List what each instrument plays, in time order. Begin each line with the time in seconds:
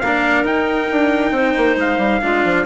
0.00 bassoon A#3, cello D4, clarinet A#4, trumpet F5
0.43 bassoon D#4, cello D#4, trumpet G5
0.92 bassoon D4
1.32 bassoon C4, clarinet C5
1.57 bassoon A#3
1.76 bassoon G#3, trumpet F5
1.98 bassoon G3
2.22 bassoon G#3, cello D4, clarinet F4
2.44 bassoon F3